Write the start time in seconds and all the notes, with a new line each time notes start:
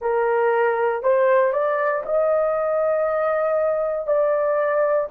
0.00 A#4
1.02 C5
1.53 D5
2.05 D#5
4.06 D5